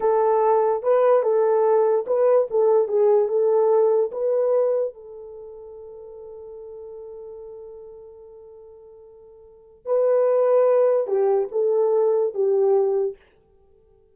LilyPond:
\new Staff \with { instrumentName = "horn" } { \time 4/4 \tempo 4 = 146 a'2 b'4 a'4~ | a'4 b'4 a'4 gis'4 | a'2 b'2 | a'1~ |
a'1~ | a'1 | b'2. g'4 | a'2 g'2 | }